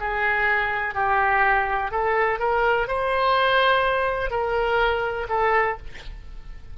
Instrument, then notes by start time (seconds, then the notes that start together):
oboe
0.00 G#4
0.95 G4
1.91 A4
2.39 A#4
2.88 C5
4.31 A#4
5.29 A4